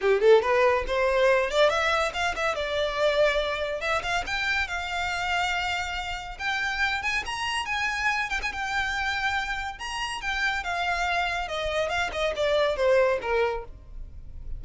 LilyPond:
\new Staff \with { instrumentName = "violin" } { \time 4/4 \tempo 4 = 141 g'8 a'8 b'4 c''4. d''8 | e''4 f''8 e''8 d''2~ | d''4 e''8 f''8 g''4 f''4~ | f''2. g''4~ |
g''8 gis''8 ais''4 gis''4. g''16 gis''16 | g''2. ais''4 | g''4 f''2 dis''4 | f''8 dis''8 d''4 c''4 ais'4 | }